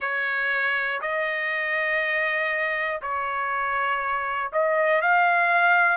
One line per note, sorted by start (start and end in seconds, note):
0.00 1.00 C#5
1.01 3.01 D#5
3.01 4.51 C#5
4.52 5.01 D#5
5.01 5.97 F5